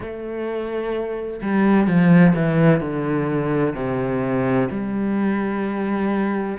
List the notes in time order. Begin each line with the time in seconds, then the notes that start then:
0.00 A3
1.42 G3
1.87 F3
2.35 E3
2.80 D3
3.75 C3
4.70 G3